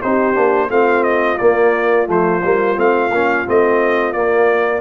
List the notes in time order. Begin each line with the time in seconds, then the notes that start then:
0.00 C4 D#4 G4 C5
0.34 A#3 D4
0.69 A3 C4 F4 F5
1.03 D#5
1.38 A#3 D5
2.06 F3 A3 C5
2.43 G3 A#3
2.75 A3 C4 F5
3.11 A#3 C#4
3.46 A3 C4 D#5
4.12 A#3 D5